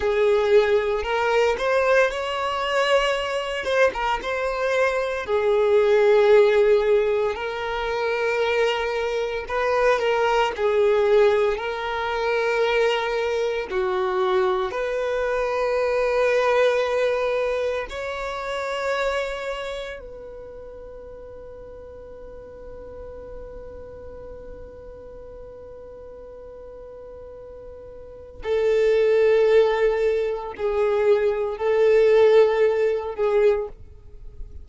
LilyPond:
\new Staff \with { instrumentName = "violin" } { \time 4/4 \tempo 4 = 57 gis'4 ais'8 c''8 cis''4. c''16 ais'16 | c''4 gis'2 ais'4~ | ais'4 b'8 ais'8 gis'4 ais'4~ | ais'4 fis'4 b'2~ |
b'4 cis''2 b'4~ | b'1~ | b'2. a'4~ | a'4 gis'4 a'4. gis'8 | }